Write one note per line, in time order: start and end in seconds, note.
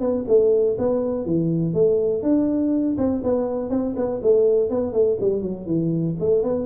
0.00 0.25 B3
0.28 0.77 A3
0.78 1.25 B3
1.25 1.73 E3
1.73 2.22 A3
2.22 2.96 D4
2.98 3.22 C4
3.23 3.70 B3
3.70 3.94 C4
3.96 4.20 B3
4.23 4.69 A3
4.69 4.93 B3
4.93 5.18 A3
5.20 5.42 G3
5.42 5.66 F#3
5.66 6.15 E3
6.19 6.43 A3
6.43 6.66 B3